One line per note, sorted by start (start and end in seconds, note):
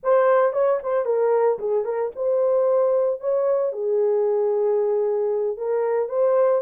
0.03 0.52 C5
0.52 0.79 C#5
0.82 1.05 C5
1.05 1.58 A#4
1.59 1.84 G#4
1.84 2.11 A#4
2.15 3.20 C5
3.20 3.72 C#5
3.72 5.57 G#4
5.57 6.08 A#4
6.08 6.62 C5